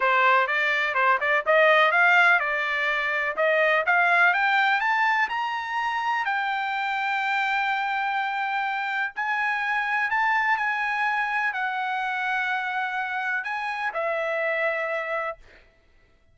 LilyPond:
\new Staff \with { instrumentName = "trumpet" } { \time 4/4 \tempo 4 = 125 c''4 d''4 c''8 d''8 dis''4 | f''4 d''2 dis''4 | f''4 g''4 a''4 ais''4~ | ais''4 g''2.~ |
g''2. gis''4~ | gis''4 a''4 gis''2 | fis''1 | gis''4 e''2. | }